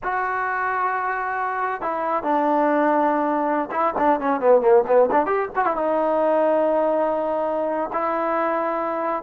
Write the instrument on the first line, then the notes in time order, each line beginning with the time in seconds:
trombone
0.03 F#4
1.81 E4
2.23 D4
3.71 E4
3.98 D4
4.20 C#4
4.40 B3
4.61 A#3
4.87 B3
5.11 D4
5.26 G4
5.55 F#4
5.65 E4
5.76 D#4
7.93 E4